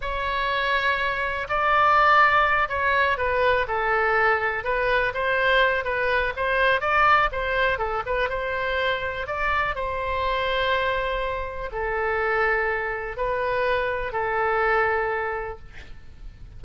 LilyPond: \new Staff \with { instrumentName = "oboe" } { \time 4/4 \tempo 4 = 123 cis''2. d''4~ | d''4. cis''4 b'4 a'8~ | a'4. b'4 c''4. | b'4 c''4 d''4 c''4 |
a'8 b'8 c''2 d''4 | c''1 | a'2. b'4~ | b'4 a'2. | }